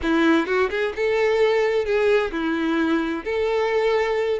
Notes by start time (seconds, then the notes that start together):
0.02 E4
0.46 F#4
0.70 G#4
0.96 A4
1.85 G#4
2.31 E4
3.24 A4